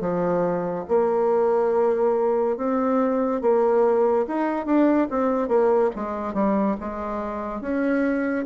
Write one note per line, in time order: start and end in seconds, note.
0.00 0.85 F3
0.88 2.57 A#3
2.57 3.41 C4
3.41 4.26 A#3
4.27 4.66 D#4
4.66 5.08 D4
5.10 5.48 C4
5.48 5.90 A#3
5.95 6.33 G#3
6.33 6.76 G3
6.80 7.61 G#3
7.61 8.45 C#4